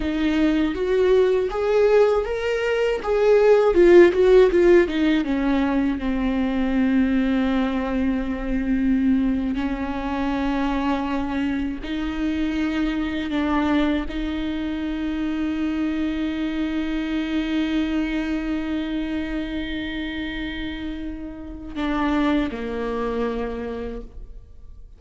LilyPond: \new Staff \with { instrumentName = "viola" } { \time 4/4 \tempo 4 = 80 dis'4 fis'4 gis'4 ais'4 | gis'4 f'8 fis'8 f'8 dis'8 cis'4 | c'1~ | c'8. cis'2. dis'16~ |
dis'4.~ dis'16 d'4 dis'4~ dis'16~ | dis'1~ | dis'1~ | dis'4 d'4 ais2 | }